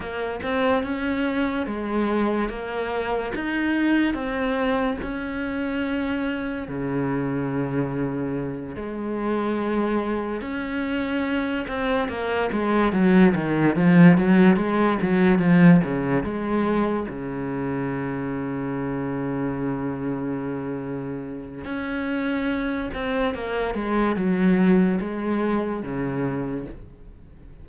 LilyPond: \new Staff \with { instrumentName = "cello" } { \time 4/4 \tempo 4 = 72 ais8 c'8 cis'4 gis4 ais4 | dis'4 c'4 cis'2 | cis2~ cis8 gis4.~ | gis8 cis'4. c'8 ais8 gis8 fis8 |
dis8 f8 fis8 gis8 fis8 f8 cis8 gis8~ | gis8 cis2.~ cis8~ | cis2 cis'4. c'8 | ais8 gis8 fis4 gis4 cis4 | }